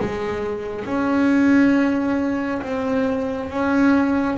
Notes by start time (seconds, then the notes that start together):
0.00 G#3
0.86 C#4
2.62 C4
3.50 C#4